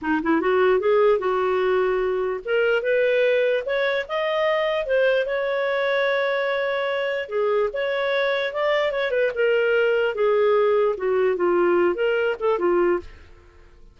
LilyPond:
\new Staff \with { instrumentName = "clarinet" } { \time 4/4 \tempo 4 = 148 dis'8 e'8 fis'4 gis'4 fis'4~ | fis'2 ais'4 b'4~ | b'4 cis''4 dis''2 | c''4 cis''2.~ |
cis''2 gis'4 cis''4~ | cis''4 d''4 cis''8 b'8 ais'4~ | ais'4 gis'2 fis'4 | f'4. ais'4 a'8 f'4 | }